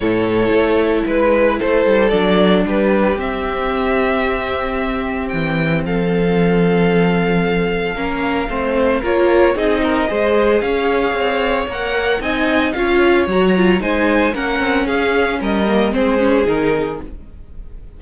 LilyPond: <<
  \new Staff \with { instrumentName = "violin" } { \time 4/4 \tempo 4 = 113 cis''2 b'4 c''4 | d''4 b'4 e''2~ | e''2 g''4 f''4~ | f''1~ |
f''4 cis''4 dis''2 | f''2 fis''4 gis''4 | f''4 ais''4 gis''4 fis''4 | f''4 dis''4 c''4 ais'4 | }
  \new Staff \with { instrumentName = "violin" } { \time 4/4 a'2 b'4 a'4~ | a'4 g'2.~ | g'2. a'4~ | a'2. ais'4 |
c''4 ais'4 gis'8 ais'8 c''4 | cis''2. dis''4 | cis''2 c''4 ais'4 | gis'4 ais'4 gis'2 | }
  \new Staff \with { instrumentName = "viola" } { \time 4/4 e'1 | d'2 c'2~ | c'1~ | c'2. cis'4 |
c'4 f'4 dis'4 gis'4~ | gis'2 ais'4 dis'4 | f'4 fis'8 f'8 dis'4 cis'4~ | cis'4. ais8 c'8 cis'8 dis'4 | }
  \new Staff \with { instrumentName = "cello" } { \time 4/4 a,4 a4 gis4 a8 g8 | fis4 g4 c'2~ | c'2 e4 f4~ | f2. ais4 |
a4 ais4 c'4 gis4 | cis'4 c'4 ais4 c'4 | cis'4 fis4 gis4 ais8 c'8 | cis'4 g4 gis4 dis4 | }
>>